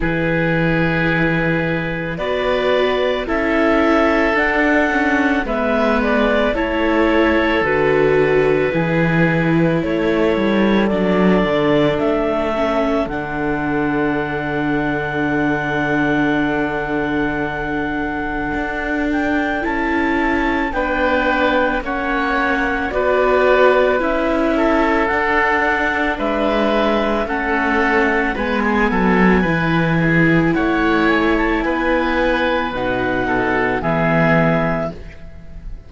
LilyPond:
<<
  \new Staff \with { instrumentName = "clarinet" } { \time 4/4 \tempo 4 = 55 b'2 d''4 e''4 | fis''4 e''8 d''8 cis''4 b'4~ | b'4 cis''4 d''4 e''4 | fis''1~ |
fis''4. g''8 a''4 g''4 | fis''4 d''4 e''4 fis''4 | e''4 fis''4 gis''2 | fis''8 gis''16 a''16 gis''4 fis''4 e''4 | }
  \new Staff \with { instrumentName = "oboe" } { \time 4/4 gis'2 b'4 a'4~ | a'4 b'4 a'2 | gis'4 a'2.~ | a'1~ |
a'2. b'4 | cis''4 b'4. a'4. | b'4 a'4 b'16 gis'16 a'8 b'8 gis'8 | cis''4 b'4. a'8 gis'4 | }
  \new Staff \with { instrumentName = "viola" } { \time 4/4 e'2 fis'4 e'4 | d'8 cis'8 b4 e'4 fis'4 | e'2 d'4. cis'8 | d'1~ |
d'2 e'4 d'4 | cis'4 fis'4 e'4 d'4~ | d'4 cis'4 b4 e'4~ | e'2 dis'4 b4 | }
  \new Staff \with { instrumentName = "cello" } { \time 4/4 e2 b4 cis'4 | d'4 gis4 a4 d4 | e4 a8 g8 fis8 d8 a4 | d1~ |
d4 d'4 cis'4 b4 | ais4 b4 cis'4 d'4 | gis4 a4 gis8 fis8 e4 | a4 b4 b,4 e4 | }
>>